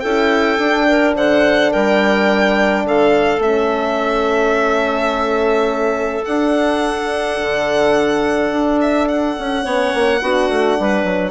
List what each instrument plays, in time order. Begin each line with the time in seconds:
0.00 bassoon C#4, horn E4, clarinet A4, violin G5
0.58 bassoon D4, horn D4
0.88 clarinet A#4
1.15 bassoon D3, clarinet C5, violin F#5
1.72 bassoon G3, clarinet A#4, violin G5
2.85 bassoon D3, clarinet A4, violin F5
3.39 bassoon A3, horn C#4, violin E5
6.24 bassoon D4, horn D4, violin F#5
7.42 bassoon D3
8.52 bassoon D4
8.81 violin E5
9.08 violin F#5
9.38 bassoon C#4
9.63 bassoon B3, horn C#4, clarinet C#5
9.93 bassoon A#3
10.21 bassoon B3, horn D4, clarinet F#4
10.49 bassoon A3
10.79 bassoon G3, clarinet B4
11.04 bassoon F#3